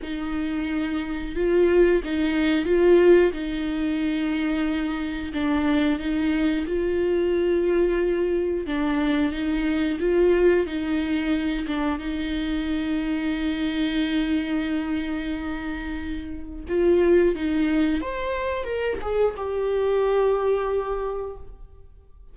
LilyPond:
\new Staff \with { instrumentName = "viola" } { \time 4/4 \tempo 4 = 90 dis'2 f'4 dis'4 | f'4 dis'2. | d'4 dis'4 f'2~ | f'4 d'4 dis'4 f'4 |
dis'4. d'8 dis'2~ | dis'1~ | dis'4 f'4 dis'4 c''4 | ais'8 gis'8 g'2. | }